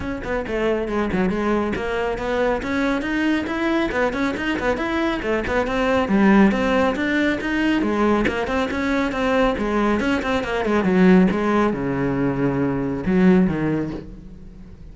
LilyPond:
\new Staff \with { instrumentName = "cello" } { \time 4/4 \tempo 4 = 138 cis'8 b8 a4 gis8 fis8 gis4 | ais4 b4 cis'4 dis'4 | e'4 b8 cis'8 dis'8 b8 e'4 | a8 b8 c'4 g4 c'4 |
d'4 dis'4 gis4 ais8 c'8 | cis'4 c'4 gis4 cis'8 c'8 | ais8 gis8 fis4 gis4 cis4~ | cis2 fis4 dis4 | }